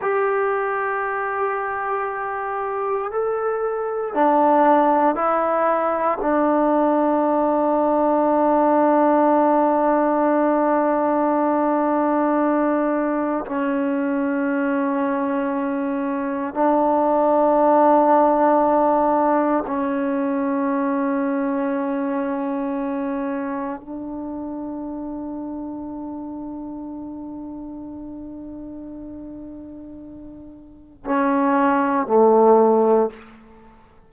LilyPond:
\new Staff \with { instrumentName = "trombone" } { \time 4/4 \tempo 4 = 58 g'2. a'4 | d'4 e'4 d'2~ | d'1~ | d'4 cis'2. |
d'2. cis'4~ | cis'2. d'4~ | d'1~ | d'2 cis'4 a4 | }